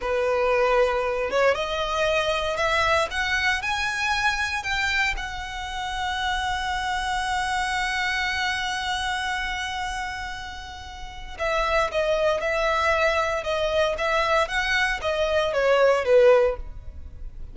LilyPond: \new Staff \with { instrumentName = "violin" } { \time 4/4 \tempo 4 = 116 b'2~ b'8 cis''8 dis''4~ | dis''4 e''4 fis''4 gis''4~ | gis''4 g''4 fis''2~ | fis''1~ |
fis''1~ | fis''2 e''4 dis''4 | e''2 dis''4 e''4 | fis''4 dis''4 cis''4 b'4 | }